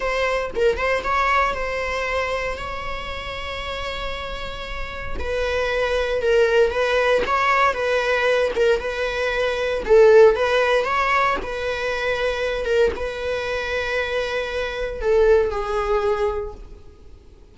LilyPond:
\new Staff \with { instrumentName = "viola" } { \time 4/4 \tempo 4 = 116 c''4 ais'8 c''8 cis''4 c''4~ | c''4 cis''2.~ | cis''2 b'2 | ais'4 b'4 cis''4 b'4~ |
b'8 ais'8 b'2 a'4 | b'4 cis''4 b'2~ | b'8 ais'8 b'2.~ | b'4 a'4 gis'2 | }